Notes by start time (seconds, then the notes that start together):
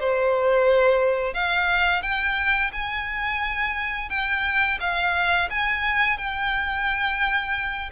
0.00 C5
1.34 F5
2.02 G5
2.73 G#5
4.10 G5
4.80 F5
5.50 G#5
6.18 G5